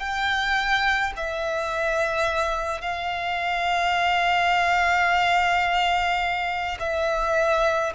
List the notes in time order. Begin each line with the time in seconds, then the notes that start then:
0.00 G5
1.17 E5
2.81 F5
6.80 E5